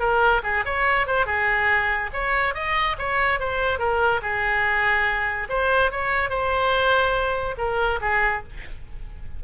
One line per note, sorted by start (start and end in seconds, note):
0.00 0.42 A#4
0.43 0.64 G#4
0.65 1.07 C#5
1.07 1.26 C5
1.26 2.10 G#4
2.13 2.55 C#5
2.55 2.97 D#5
2.99 3.40 C#5
3.40 3.79 C5
3.79 4.21 A#4
4.22 5.48 G#4
5.50 5.91 C5
5.91 6.30 C#5
6.30 7.56 C5
7.58 8.00 A#4
8.01 8.43 G#4